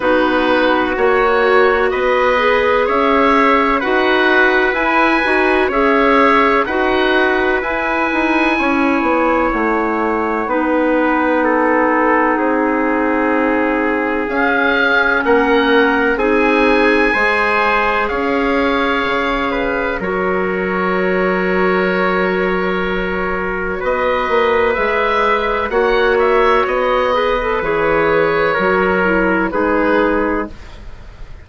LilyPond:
<<
  \new Staff \with { instrumentName = "oboe" } { \time 4/4 \tempo 4 = 63 b'4 cis''4 dis''4 e''4 | fis''4 gis''4 e''4 fis''4 | gis''2 fis''2~ | fis''2. f''4 |
fis''4 gis''2 f''4~ | f''4 cis''2.~ | cis''4 dis''4 e''4 fis''8 e''8 | dis''4 cis''2 b'4 | }
  \new Staff \with { instrumentName = "trumpet" } { \time 4/4 fis'2 b'4 cis''4 | b'2 cis''4 b'4~ | b'4 cis''2 b'4 | a'4 gis'2. |
ais'4 gis'4 c''4 cis''4~ | cis''8 b'8 ais'2.~ | ais'4 b'2 cis''4~ | cis''8 b'4. ais'4 gis'4 | }
  \new Staff \with { instrumentName = "clarinet" } { \time 4/4 dis'4 fis'4. gis'4. | fis'4 e'8 fis'8 gis'4 fis'4 | e'2. dis'4~ | dis'2. cis'4~ |
cis'4 dis'4 gis'2~ | gis'4 fis'2.~ | fis'2 gis'4 fis'4~ | fis'8 gis'16 a'16 gis'4 fis'8 e'8 dis'4 | }
  \new Staff \with { instrumentName = "bassoon" } { \time 4/4 b4 ais4 b4 cis'4 | dis'4 e'8 dis'8 cis'4 dis'4 | e'8 dis'8 cis'8 b8 a4 b4~ | b4 c'2 cis'4 |
ais4 c'4 gis4 cis'4 | cis4 fis2.~ | fis4 b8 ais8 gis4 ais4 | b4 e4 fis4 gis4 | }
>>